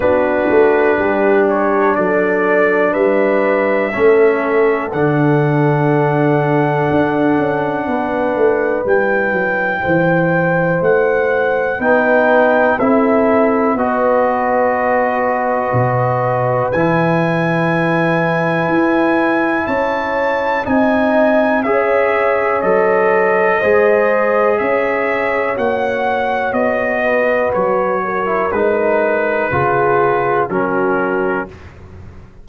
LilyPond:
<<
  \new Staff \with { instrumentName = "trumpet" } { \time 4/4 \tempo 4 = 61 b'4. cis''8 d''4 e''4~ | e''4 fis''2.~ | fis''4 g''2 fis''4 | g''4 e''4 dis''2~ |
dis''4 gis''2. | a''4 gis''4 e''4 dis''4~ | dis''4 e''4 fis''4 dis''4 | cis''4 b'2 ais'4 | }
  \new Staff \with { instrumentName = "horn" } { \time 4/4 fis'4 g'4 a'4 b'4 | a'1 | b'2 c''2 | b'4 a'4 b'2~ |
b'1 | cis''4 dis''4 cis''2 | c''4 cis''2~ cis''8 b'8~ | b'8 ais'4. gis'4 fis'4 | }
  \new Staff \with { instrumentName = "trombone" } { \time 4/4 d'1 | cis'4 d'2.~ | d'4 e'2. | dis'4 e'4 fis'2~ |
fis'4 e'2.~ | e'4 dis'4 gis'4 a'4 | gis'2 fis'2~ | fis'8. e'16 dis'4 f'4 cis'4 | }
  \new Staff \with { instrumentName = "tuba" } { \time 4/4 b8 a8 g4 fis4 g4 | a4 d2 d'8 cis'8 | b8 a8 g8 fis8 e4 a4 | b4 c'4 b2 |
b,4 e2 e'4 | cis'4 c'4 cis'4 fis4 | gis4 cis'4 ais4 b4 | fis4 gis4 cis4 fis4 | }
>>